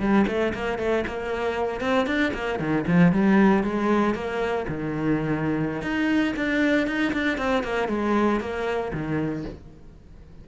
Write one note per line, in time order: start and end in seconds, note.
0.00 0.26 G3
0.28 0.54 A3
0.55 0.79 A#3
0.79 1.05 A3
1.07 1.81 A#3
1.81 2.07 C4
2.07 2.33 D4
2.34 2.60 A#3
2.60 2.85 D#3
2.87 3.13 F3
3.13 3.64 G3
3.64 4.15 G#3
4.15 4.66 A#3
4.69 5.82 D#3
5.82 6.34 D#4
6.36 6.87 D4
6.87 7.13 D#4
7.13 7.38 D4
7.38 7.64 C4
7.64 7.89 A#3
7.89 8.40 G#3
8.40 8.92 A#3
8.93 9.45 D#3